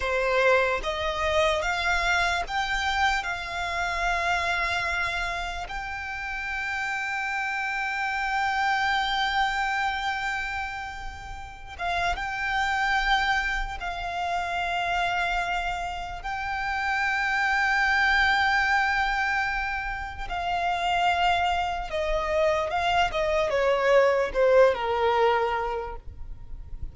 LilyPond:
\new Staff \with { instrumentName = "violin" } { \time 4/4 \tempo 4 = 74 c''4 dis''4 f''4 g''4 | f''2. g''4~ | g''1~ | g''2~ g''8 f''8 g''4~ |
g''4 f''2. | g''1~ | g''4 f''2 dis''4 | f''8 dis''8 cis''4 c''8 ais'4. | }